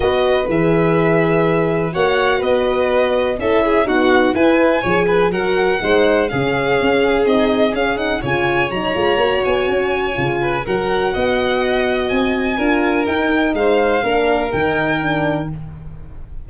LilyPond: <<
  \new Staff \with { instrumentName = "violin" } { \time 4/4 \tempo 4 = 124 dis''4 e''2. | fis''4 dis''2 e''4 | fis''4 gis''2 fis''4~ | fis''4 f''2 dis''4 |
f''8 fis''8 gis''4 ais''4. gis''8~ | gis''2 fis''2~ | fis''4 gis''2 g''4 | f''2 g''2 | }
  \new Staff \with { instrumentName = "violin" } { \time 4/4 b'1 | cis''4 b'2 a'8 gis'8 | fis'4 b'4 cis''8 b'8 ais'4 | c''4 gis'2.~ |
gis'4 cis''2.~ | cis''4. b'8 ais'4 dis''4~ | dis''2 ais'2 | c''4 ais'2. | }
  \new Staff \with { instrumentName = "horn" } { \time 4/4 fis'4 gis'2. | fis'2. e'4 | b4 e'4 gis'4 fis'4 | dis'4 cis'2 dis'4 |
cis'8 dis'8 f'4 dis'8 f'8 fis'4~ | fis'4 f'4 fis'2~ | fis'2 f'4 dis'4~ | dis'4 d'4 dis'4 d'4 | }
  \new Staff \with { instrumentName = "tuba" } { \time 4/4 b4 e2. | ais4 b2 cis'4 | dis'4 e'4 f4 fis4 | gis4 cis4 cis'4 c'4 |
cis'4 cis4 fis8 gis8 ais8 b8 | cis'4 cis4 fis4 b4~ | b4 c'4 d'4 dis'4 | gis4 ais4 dis2 | }
>>